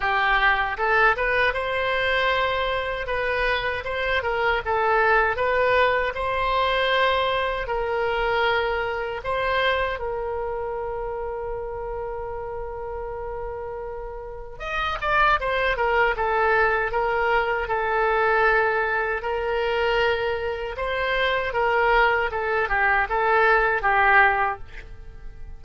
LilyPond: \new Staff \with { instrumentName = "oboe" } { \time 4/4 \tempo 4 = 78 g'4 a'8 b'8 c''2 | b'4 c''8 ais'8 a'4 b'4 | c''2 ais'2 | c''4 ais'2.~ |
ais'2. dis''8 d''8 | c''8 ais'8 a'4 ais'4 a'4~ | a'4 ais'2 c''4 | ais'4 a'8 g'8 a'4 g'4 | }